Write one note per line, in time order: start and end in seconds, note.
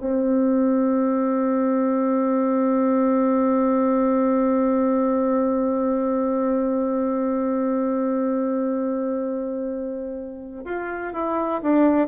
0.00 10.65 C4
10.65 11.13 F4
11.13 11.61 E4
11.62 12.07 D4